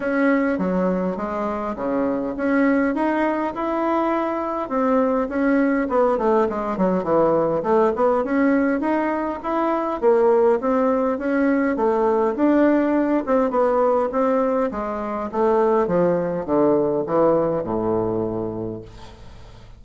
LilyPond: \new Staff \with { instrumentName = "bassoon" } { \time 4/4 \tempo 4 = 102 cis'4 fis4 gis4 cis4 | cis'4 dis'4 e'2 | c'4 cis'4 b8 a8 gis8 fis8 | e4 a8 b8 cis'4 dis'4 |
e'4 ais4 c'4 cis'4 | a4 d'4. c'8 b4 | c'4 gis4 a4 f4 | d4 e4 a,2 | }